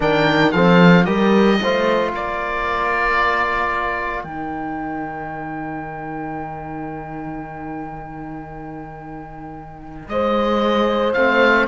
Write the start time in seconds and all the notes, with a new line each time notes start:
0.00 D#3 D4 A#4 G5
0.51 F3 C4 A4 F5
1.04 G3 G4 A#4 D#5
1.61 A3 F4 C5
2.13 A#3 A#4 D5
4.23 D#3 D#4 G5
10.08 G#3 C5 D#5
11.13 A3 C4 F5